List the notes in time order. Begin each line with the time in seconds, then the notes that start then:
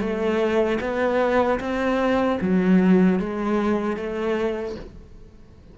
0.00 A3
0.81 B3
1.60 C4
2.41 F#3
3.20 G#3
3.97 A3